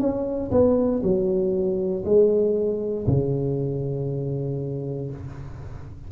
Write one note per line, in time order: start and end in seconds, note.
0.00 0.51 C#4
0.51 1.02 B3
1.03 2.05 F#3
2.05 3.06 G#3
3.07 5.10 C#3